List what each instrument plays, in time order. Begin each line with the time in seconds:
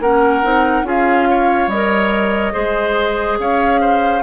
0.00 bassoon A#3, clarinet C#4, oboe A#4, flute F#5
0.43 bassoon C4, clarinet D#4
0.83 bassoon C#4, clarinet F4, oboe G#4, flute F5
1.30 oboe C#5
1.67 bassoon G3, clarinet A#4, flute D#5
2.52 bassoon G#3, clarinet G#4, oboe C5
3.39 bassoon C#4, oboe C#5, flute F5
3.81 oboe C5